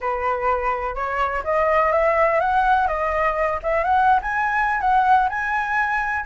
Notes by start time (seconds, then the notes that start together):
0.00 B4
0.95 C#5
1.44 D#5
1.92 E5
2.40 F#5
2.87 D#5
3.62 E5
3.84 F#5
4.21 G#5
4.80 F#5
5.29 G#5